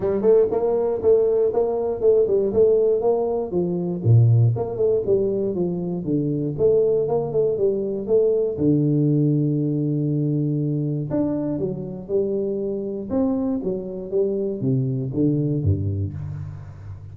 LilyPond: \new Staff \with { instrumentName = "tuba" } { \time 4/4 \tempo 4 = 119 g8 a8 ais4 a4 ais4 | a8 g8 a4 ais4 f4 | ais,4 ais8 a8 g4 f4 | d4 a4 ais8 a8 g4 |
a4 d2.~ | d2 d'4 fis4 | g2 c'4 fis4 | g4 c4 d4 g,4 | }